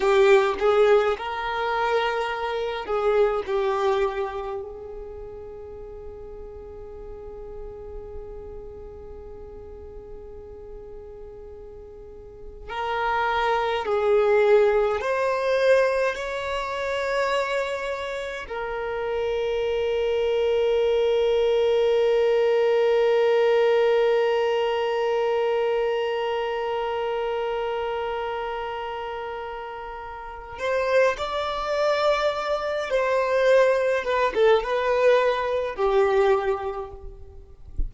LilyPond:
\new Staff \with { instrumentName = "violin" } { \time 4/4 \tempo 4 = 52 g'8 gis'8 ais'4. gis'8 g'4 | gis'1~ | gis'2. ais'4 | gis'4 c''4 cis''2 |
ais'1~ | ais'1~ | ais'2~ ais'8 c''8 d''4~ | d''8 c''4 b'16 a'16 b'4 g'4 | }